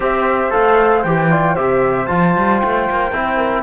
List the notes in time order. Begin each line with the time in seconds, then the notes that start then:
0.00 C4 G4 C5 E5
0.50 A3 A4 F5
1.03 E3 G4 G5
1.29 F4 D5
1.53 C3 G4 C5 E5
2.06 F3 F4 A5
2.36 G3
2.59 A3 G5
2.90 A#3
3.12 C4 E4
3.36 A#4